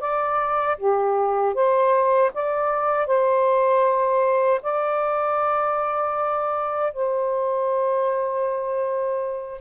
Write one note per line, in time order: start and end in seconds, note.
0.00 0.77 D5
0.78 1.54 G4
1.54 2.31 C5
2.34 3.07 D5
3.07 4.60 C5
4.62 6.93 D5
6.93 9.61 C5